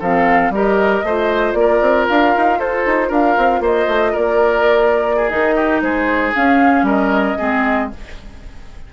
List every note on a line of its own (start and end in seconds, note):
0.00 0.50 F3
0.00 0.54 C4
0.00 0.52 A4
0.00 0.54 F5
0.50 1.02 G3
0.50 1.05 G4
0.50 1.06 A#4
0.50 1.54 D#5
1.03 1.54 A3
1.03 5.30 F4
1.03 1.58 C5
1.54 1.80 A#3
1.54 2.06 D5
1.60 2.59 A#4
1.81 2.07 C4
2.09 2.36 D4
2.09 2.60 F5
2.37 2.59 D#4
2.59 2.85 F4
2.59 3.08 A4
2.59 3.12 C5
2.86 3.10 D#4
3.08 3.36 D4
3.08 3.60 A#4
3.08 3.64 F5
3.37 3.60 C4
3.60 3.86 A#3
3.60 4.12 C5
3.60 4.16 D#5
3.88 4.14 A3
4.12 5.32 A#3
4.12 5.16 A#4
4.12 5.29 D5
5.16 5.55 G#4
5.29 5.82 D#3
5.29 6.33 D#4
5.29 5.81 D#5
5.56 5.82 G4
5.82 6.33 G#3
5.82 6.86 G#4
5.82 6.34 C5
6.35 7.39 C#4
6.35 6.83 C#4
6.35 6.87 F5
6.83 7.34 G3
6.83 7.38 A#4
6.89 7.92 D#5
7.38 7.93 G#3
7.38 7.90 C4
7.38 7.90 G#4